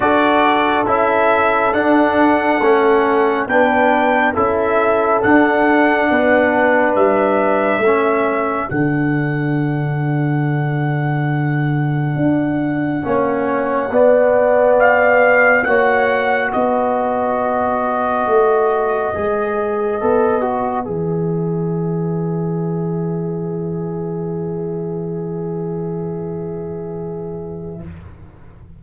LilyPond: <<
  \new Staff \with { instrumentName = "trumpet" } { \time 4/4 \tempo 4 = 69 d''4 e''4 fis''2 | g''4 e''4 fis''2 | e''2 fis''2~ | fis''1~ |
fis''4 f''4 fis''4 dis''4~ | dis''1 | e''1~ | e''1 | }
  \new Staff \with { instrumentName = "horn" } { \time 4/4 a'1 | b'4 a'2 b'4~ | b'4 a'2.~ | a'2. cis''4 |
d''2 cis''4 b'4~ | b'1~ | b'1~ | b'1 | }
  \new Staff \with { instrumentName = "trombone" } { \time 4/4 fis'4 e'4 d'4 cis'4 | d'4 e'4 d'2~ | d'4 cis'4 d'2~ | d'2. cis'4 |
b2 fis'2~ | fis'2 gis'4 a'8 fis'8 | gis'1~ | gis'1 | }
  \new Staff \with { instrumentName = "tuba" } { \time 4/4 d'4 cis'4 d'4 a4 | b4 cis'4 d'4 b4 | g4 a4 d2~ | d2 d'4 ais4 |
b2 ais4 b4~ | b4 a4 gis4 b4 | e1~ | e1 | }
>>